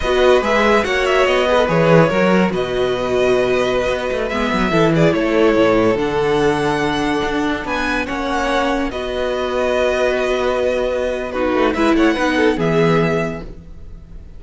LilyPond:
<<
  \new Staff \with { instrumentName = "violin" } { \time 4/4 \tempo 4 = 143 dis''4 e''4 fis''8 e''8 dis''4 | cis''2 dis''2~ | dis''2~ dis''16 e''4. d''16~ | d''16 cis''2 fis''4.~ fis''16~ |
fis''2~ fis''16 gis''4 fis''8.~ | fis''4~ fis''16 dis''2~ dis''8.~ | dis''2. b'4 | e''8 fis''4. e''2 | }
  \new Staff \with { instrumentName = "violin" } { \time 4/4 b'2 cis''4. b'8~ | b'4 ais'4 b'2~ | b'2.~ b'16 a'8 gis'16~ | gis'16 a'2.~ a'8.~ |
a'2~ a'16 b'4 cis''8.~ | cis''4~ cis''16 b'2~ b'8.~ | b'2. fis'4 | b'8 cis''8 b'8 a'8 gis'2 | }
  \new Staff \with { instrumentName = "viola" } { \time 4/4 fis'4 gis'4 fis'4. gis'16 a'16 | gis'4 fis'2.~ | fis'2~ fis'16 b4 e'8.~ | e'2~ e'16 d'4.~ d'16~ |
d'2.~ d'16 cis'8.~ | cis'4~ cis'16 fis'2~ fis'8.~ | fis'2. dis'4 | e'4 dis'4 b2 | }
  \new Staff \with { instrumentName = "cello" } { \time 4/4 b4 gis4 ais4 b4 | e4 fis4 b,2~ | b,4~ b,16 b8 a8 gis8 fis8 e8.~ | e16 a4 a,4 d4.~ d16~ |
d4~ d16 d'4 b4 ais8.~ | ais4~ ais16 b2~ b8.~ | b2.~ b8 a8 | gis8 a8 b4 e2 | }
>>